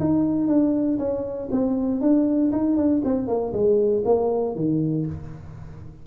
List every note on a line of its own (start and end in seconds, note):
0.00 0.48 D#4
0.48 0.98 D4
0.99 1.49 C#4
1.51 2.01 C4
2.01 2.52 D4
2.52 2.77 D#4
2.77 3.02 D4
3.05 3.28 C4
3.28 3.53 A#3
3.53 4.04 G#3
4.05 4.56 A#3
4.56 5.06 D#3